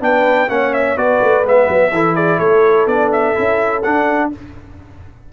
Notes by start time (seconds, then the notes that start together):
0.00 B3 D4 B4 G5
0.48 A#3 C#4 C#5 F#5
0.73 E5
0.96 B3 F#4 B4 D5
1.22 A3
1.43 G#3 B3 E5
1.69 F#3
1.91 E3 E4 A4
2.15 G#4 D5
2.39 A3 A4 C#5
2.86 B3 D4 D5
3.12 E5
3.34 C#4 E4
3.83 D4 F#5